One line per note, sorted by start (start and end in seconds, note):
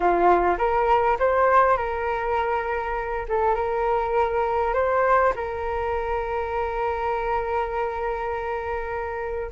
0.00 0.56 F4
0.58 1.17 A#4
1.19 1.77 C5
1.77 3.25 A#4
3.28 3.54 A4
3.54 4.73 A#4
4.73 5.33 C5
5.35 9.51 A#4